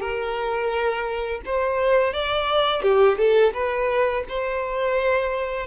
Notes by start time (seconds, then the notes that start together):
0.00 A#4
1.45 C5
2.13 D5
2.82 G4
3.18 A4
3.53 B4
4.29 C5